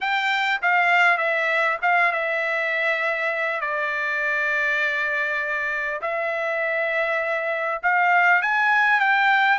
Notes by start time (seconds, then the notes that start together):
0.01 G5
0.61 F5
1.17 E5
1.82 F5
2.12 E5
3.60 D5
6.01 E5
7.82 F5
8.42 G#5
8.99 G5